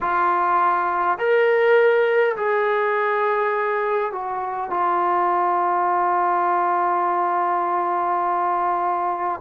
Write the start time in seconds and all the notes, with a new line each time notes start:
0.00 F4
1.18 A#4
2.36 G#4
4.12 F#4
4.70 F4